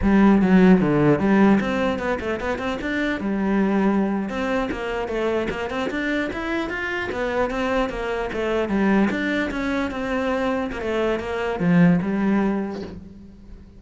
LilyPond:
\new Staff \with { instrumentName = "cello" } { \time 4/4 \tempo 4 = 150 g4 fis4 d4 g4 | c'4 b8 a8 b8 c'8 d'4 | g2~ g8. c'4 ais16~ | ais8. a4 ais8 c'8 d'4 e'16~ |
e'8. f'4 b4 c'4 ais16~ | ais8. a4 g4 d'4 cis'16~ | cis'8. c'2 ais16 a4 | ais4 f4 g2 | }